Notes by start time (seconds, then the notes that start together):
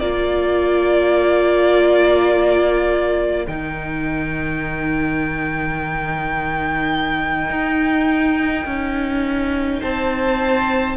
0.00 A#3 F4 A#4 D5
3.48 D#3 D#4 G5
7.50 D#4
8.66 C#4
9.81 C4 C5 A5